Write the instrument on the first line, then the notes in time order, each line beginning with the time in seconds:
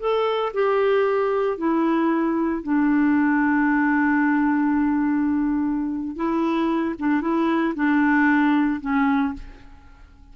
clarinet
0.00 A4
0.54 G4
1.58 E4
2.63 D4
6.16 E4
6.99 D4
7.22 E4
7.76 D4
8.81 C#4